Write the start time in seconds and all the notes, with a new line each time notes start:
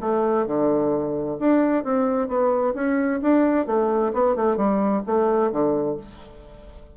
0.00 A3
0.46 D3
1.39 D4
1.83 C4
2.28 B3
2.74 C#4
3.21 D4
3.66 A3
4.13 B3
4.35 A3
4.56 G3
5.06 A3
5.51 D3